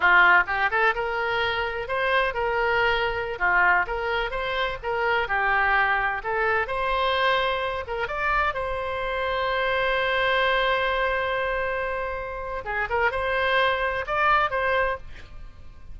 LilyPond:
\new Staff \with { instrumentName = "oboe" } { \time 4/4 \tempo 4 = 128 f'4 g'8 a'8 ais'2 | c''4 ais'2~ ais'16 f'8.~ | f'16 ais'4 c''4 ais'4 g'8.~ | g'4~ g'16 a'4 c''4.~ c''16~ |
c''8. ais'8 d''4 c''4.~ c''16~ | c''1~ | c''2. gis'8 ais'8 | c''2 d''4 c''4 | }